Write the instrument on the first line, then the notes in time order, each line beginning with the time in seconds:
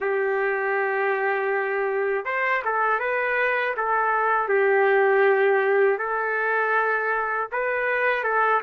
trumpet
0.00 G4
2.25 C5
2.64 A4
2.99 B4
3.76 A4
4.48 G4
5.98 A4
7.51 B4
8.23 A4